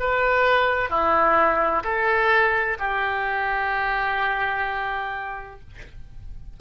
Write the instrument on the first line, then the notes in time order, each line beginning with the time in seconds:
oboe
0.00 B4
0.90 E4
1.84 A4
2.80 G4